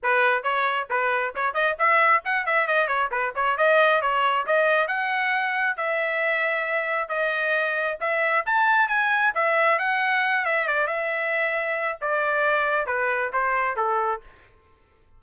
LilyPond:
\new Staff \with { instrumentName = "trumpet" } { \time 4/4 \tempo 4 = 135 b'4 cis''4 b'4 cis''8 dis''8 | e''4 fis''8 e''8 dis''8 cis''8 b'8 cis''8 | dis''4 cis''4 dis''4 fis''4~ | fis''4 e''2. |
dis''2 e''4 a''4 | gis''4 e''4 fis''4. e''8 | d''8 e''2~ e''8 d''4~ | d''4 b'4 c''4 a'4 | }